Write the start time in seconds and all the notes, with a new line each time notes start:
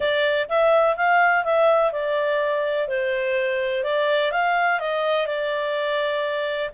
0.00 D5
0.48 E5
0.96 F5
1.44 E5
1.92 D5
2.88 C5
3.83 D5
4.31 F5
4.79 D#5
5.26 D5